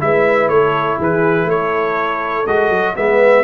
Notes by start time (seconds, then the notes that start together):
0.00 G#3 E4 B4 E5
0.49 A3 A4 C#5
0.99 E3 G#4 B4
1.45 A3 A4 C#5
2.47 G#3 F#4 D#5
2.70 F#3
2.96 G#3 B3 B4 E5